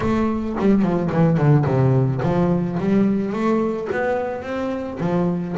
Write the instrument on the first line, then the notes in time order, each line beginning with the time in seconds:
double bass
0.00 A3
0.59 G3
0.82 F3
1.12 E3
1.37 D3
1.65 C3
2.22 F3
2.79 G3
3.33 A3
3.92 B3
4.42 C4
4.99 F3